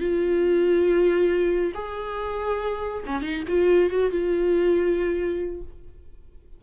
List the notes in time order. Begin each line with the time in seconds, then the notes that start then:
0.00 F4
1.74 G#4
3.07 C#4
3.22 D#4
3.48 F4
3.90 F#4
4.11 F4